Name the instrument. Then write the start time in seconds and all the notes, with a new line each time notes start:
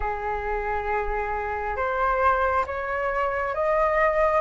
flute
0.00 G#4
1.76 C5
2.66 C#5
3.54 D#5